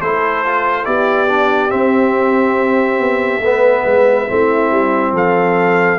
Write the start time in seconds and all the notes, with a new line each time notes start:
0.00 A3 E4 A4 C5
0.45 F4
0.84 B3 E4 G4 D5
1.27 D4
1.69 C4 E5
2.99 B3
3.39 A3 B3 B4
3.85 G#3
4.27 A3 C4 E4
4.71 G3
5.12 F3 A4 F5